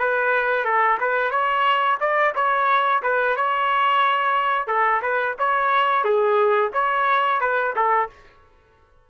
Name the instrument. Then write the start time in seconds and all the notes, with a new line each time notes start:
trumpet
0.00 B4
0.65 A4
1.01 B4
1.31 C#5
2.01 D5
2.35 C#5
3.03 B4
3.37 C#5
4.68 A4
5.02 B4
5.39 C#5
6.05 G#4
6.74 C#5
7.41 B4
7.76 A4